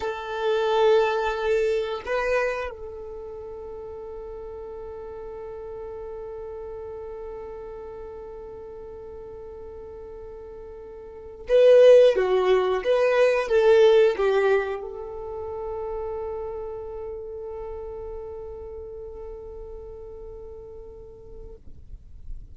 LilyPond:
\new Staff \with { instrumentName = "violin" } { \time 4/4 \tempo 4 = 89 a'2. b'4 | a'1~ | a'1~ | a'1~ |
a'4 b'4 fis'4 b'4 | a'4 g'4 a'2~ | a'1~ | a'1 | }